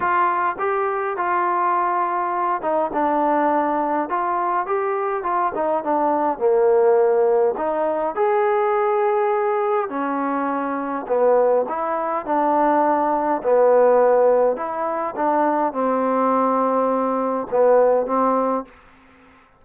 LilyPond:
\new Staff \with { instrumentName = "trombone" } { \time 4/4 \tempo 4 = 103 f'4 g'4 f'2~ | f'8 dis'8 d'2 f'4 | g'4 f'8 dis'8 d'4 ais4~ | ais4 dis'4 gis'2~ |
gis'4 cis'2 b4 | e'4 d'2 b4~ | b4 e'4 d'4 c'4~ | c'2 b4 c'4 | }